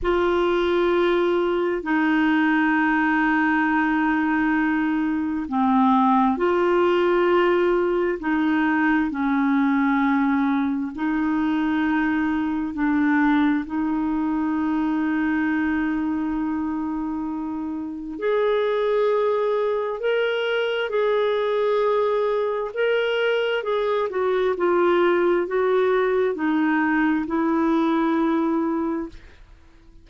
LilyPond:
\new Staff \with { instrumentName = "clarinet" } { \time 4/4 \tempo 4 = 66 f'2 dis'2~ | dis'2 c'4 f'4~ | f'4 dis'4 cis'2 | dis'2 d'4 dis'4~ |
dis'1 | gis'2 ais'4 gis'4~ | gis'4 ais'4 gis'8 fis'8 f'4 | fis'4 dis'4 e'2 | }